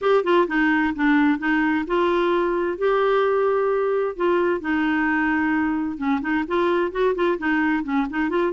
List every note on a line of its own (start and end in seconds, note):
0.01 0.23 G4
0.23 0.47 F4
0.47 0.93 D#4
0.95 1.38 D4
1.38 1.85 D#4
1.86 2.78 F4
2.78 4.16 G4
4.16 4.60 F4
4.60 5.97 D#4
5.97 6.20 C#4
6.21 6.44 D#4
6.47 6.91 F4
6.91 7.14 F#4
7.15 7.38 F4
7.38 7.83 D#4
7.83 8.06 C#4
8.10 8.29 D#4
8.29 8.52 F4